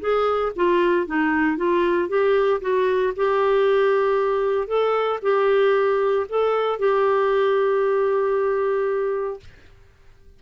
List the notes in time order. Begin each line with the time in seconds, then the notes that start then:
0.00 G#4
0.56 F4
1.06 D#4
1.57 F4
2.08 G4
2.61 F#4
3.16 G4
4.67 A4
5.22 G4
6.29 A4
6.79 G4